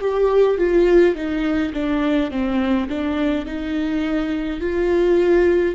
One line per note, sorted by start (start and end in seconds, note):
0.00 0.57 G4
0.57 1.15 F4
1.15 1.73 D#4
1.73 2.31 D4
2.31 2.88 C4
2.88 3.45 D4
3.45 4.60 D#4
4.60 5.75 F4